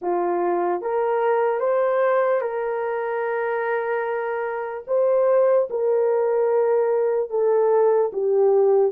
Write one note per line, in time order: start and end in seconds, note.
0.01 0.81 F4
0.81 1.60 A#4
1.60 2.41 C5
2.41 4.84 A#4
4.87 5.68 C5
5.70 7.30 A#4
7.30 8.11 A4
8.12 8.92 G4